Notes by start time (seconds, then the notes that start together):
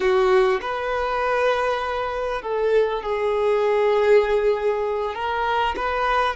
0.00 F#4
0.61 B4
2.42 A4
3.02 G#4
5.14 A#4
5.76 B4